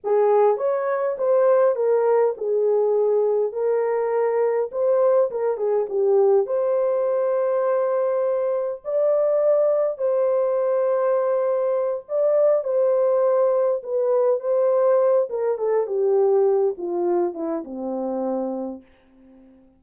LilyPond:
\new Staff \with { instrumentName = "horn" } { \time 4/4 \tempo 4 = 102 gis'4 cis''4 c''4 ais'4 | gis'2 ais'2 | c''4 ais'8 gis'8 g'4 c''4~ | c''2. d''4~ |
d''4 c''2.~ | c''8 d''4 c''2 b'8~ | b'8 c''4. ais'8 a'8 g'4~ | g'8 f'4 e'8 c'2 | }